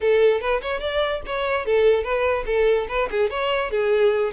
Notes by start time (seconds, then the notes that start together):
0.00 A4
0.40 B4
0.61 C#5
0.80 D5
1.26 C#5
1.65 A4
2.03 B4
2.46 A4
2.88 B4
3.10 G#4
3.30 C#5
3.70 G#4